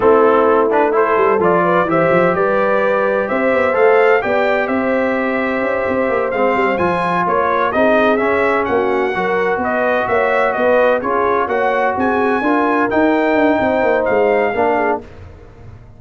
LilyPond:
<<
  \new Staff \with { instrumentName = "trumpet" } { \time 4/4 \tempo 4 = 128 a'4. b'8 c''4 d''4 | e''4 d''2 e''4 | f''4 g''4 e''2~ | e''4. f''4 gis''4 cis''8~ |
cis''8 dis''4 e''4 fis''4.~ | fis''8 dis''4 e''4 dis''4 cis''8~ | cis''8 fis''4 gis''2 g''8~ | g''2 f''2 | }
  \new Staff \with { instrumentName = "horn" } { \time 4/4 e'2 a'4. b'8 | c''4 b'2 c''4~ | c''4 d''4 c''2~ | c''2.~ c''8 cis''8~ |
cis''8 gis'2 fis'4 ais'8~ | ais'8 b'4 cis''4 b'4 gis'8~ | gis'8 cis''4 gis'4 ais'4.~ | ais'4 c''2 ais'8 gis'8 | }
  \new Staff \with { instrumentName = "trombone" } { \time 4/4 c'4. d'8 e'4 f'4 | g'1 | a'4 g'2.~ | g'4. c'4 f'4.~ |
f'8 dis'4 cis'2 fis'8~ | fis'2.~ fis'8 f'8~ | f'8 fis'2 f'4 dis'8~ | dis'2. d'4 | }
  \new Staff \with { instrumentName = "tuba" } { \time 4/4 a2~ a8 g8 f4 | e8 f8 g2 c'8 b8 | a4 b4 c'2 | cis'8 c'8 ais8 gis8 g8 f4 ais8~ |
ais8 c'4 cis'4 ais4 fis8~ | fis8 b4 ais4 b4 cis'8~ | cis'8 ais4 c'4 d'4 dis'8~ | dis'8 d'8 c'8 ais8 gis4 ais4 | }
>>